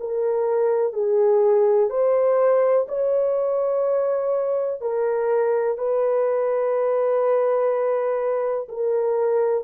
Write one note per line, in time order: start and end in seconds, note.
0.00 0.94 A#4
0.94 1.90 G#4
1.90 2.87 C5
2.89 4.82 C#5
4.82 5.78 A#4
5.78 8.68 B4
8.69 9.65 A#4